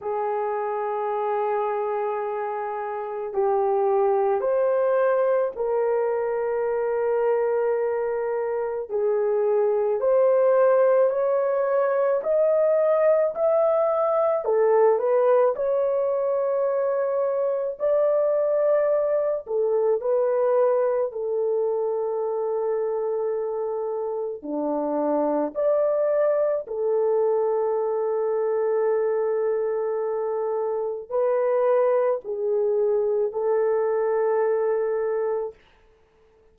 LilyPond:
\new Staff \with { instrumentName = "horn" } { \time 4/4 \tempo 4 = 54 gis'2. g'4 | c''4 ais'2. | gis'4 c''4 cis''4 dis''4 | e''4 a'8 b'8 cis''2 |
d''4. a'8 b'4 a'4~ | a'2 d'4 d''4 | a'1 | b'4 gis'4 a'2 | }